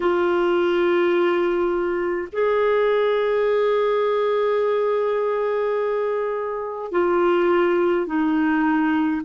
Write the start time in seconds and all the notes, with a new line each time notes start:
0.00 F4
2.32 G#4
6.91 F4
8.06 D#4